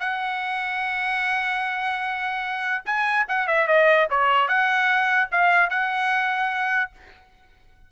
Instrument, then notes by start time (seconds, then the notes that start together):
trumpet
0.00 F#5
2.86 G#5
3.28 F#5
3.48 E5
3.68 D#5
4.10 C#5
4.48 F#5
5.32 F5
5.70 F#5